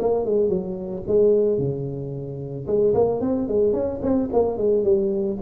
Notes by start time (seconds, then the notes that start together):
0.00 A#3
0.26 G#3
0.49 F#3
1.08 G#3
1.58 C#3
2.67 G#3
2.95 A#3
3.21 C4
3.48 G#3
3.73 C#4
4.02 C4
4.33 A#3
4.57 G#3
4.84 G3